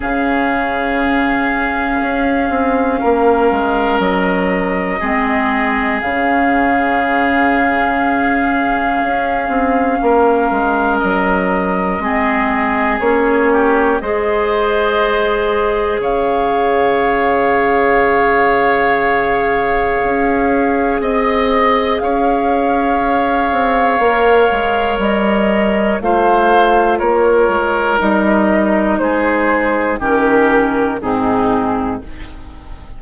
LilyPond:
<<
  \new Staff \with { instrumentName = "flute" } { \time 4/4 \tempo 4 = 60 f''1 | dis''2 f''2~ | f''2. dis''4~ | dis''4 cis''4 dis''2 |
f''1~ | f''4 dis''4 f''2~ | f''4 dis''4 f''4 cis''4 | dis''4 c''4 ais'4 gis'4 | }
  \new Staff \with { instrumentName = "oboe" } { \time 4/4 gis'2. ais'4~ | ais'4 gis'2.~ | gis'2 ais'2 | gis'4. g'8 c''2 |
cis''1~ | cis''4 dis''4 cis''2~ | cis''2 c''4 ais'4~ | ais'4 gis'4 g'4 dis'4 | }
  \new Staff \with { instrumentName = "clarinet" } { \time 4/4 cis'1~ | cis'4 c'4 cis'2~ | cis'1 | c'4 cis'4 gis'2~ |
gis'1~ | gis'1 | ais'2 f'2 | dis'2 cis'4 c'4 | }
  \new Staff \with { instrumentName = "bassoon" } { \time 4/4 cis2 cis'8 c'8 ais8 gis8 | fis4 gis4 cis2~ | cis4 cis'8 c'8 ais8 gis8 fis4 | gis4 ais4 gis2 |
cis1 | cis'4 c'4 cis'4. c'8 | ais8 gis8 g4 a4 ais8 gis8 | g4 gis4 dis4 gis,4 | }
>>